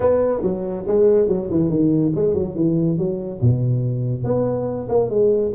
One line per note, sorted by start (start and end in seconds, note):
0.00 0.42 B3
0.42 0.84 F#3
0.87 1.27 G#3
1.27 1.49 F#3
1.50 1.69 E3
1.69 2.12 D#3
2.15 2.34 G#3
2.34 2.55 F#3
2.55 2.97 E3
2.97 3.40 F#3
3.41 4.24 B2
4.24 4.87 B3
4.88 5.09 A#3
5.09 5.52 G#3